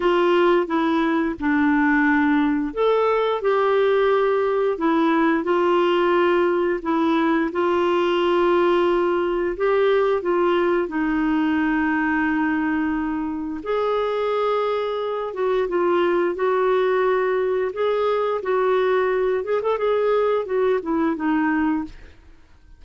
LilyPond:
\new Staff \with { instrumentName = "clarinet" } { \time 4/4 \tempo 4 = 88 f'4 e'4 d'2 | a'4 g'2 e'4 | f'2 e'4 f'4~ | f'2 g'4 f'4 |
dis'1 | gis'2~ gis'8 fis'8 f'4 | fis'2 gis'4 fis'4~ | fis'8 gis'16 a'16 gis'4 fis'8 e'8 dis'4 | }